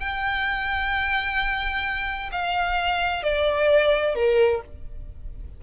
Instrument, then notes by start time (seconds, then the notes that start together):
violin
0.00 G5
2.32 F5
3.23 D5
4.16 A#4